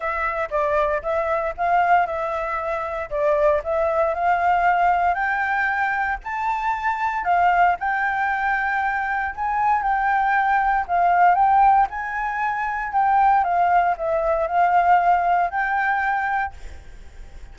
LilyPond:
\new Staff \with { instrumentName = "flute" } { \time 4/4 \tempo 4 = 116 e''4 d''4 e''4 f''4 | e''2 d''4 e''4 | f''2 g''2 | a''2 f''4 g''4~ |
g''2 gis''4 g''4~ | g''4 f''4 g''4 gis''4~ | gis''4 g''4 f''4 e''4 | f''2 g''2 | }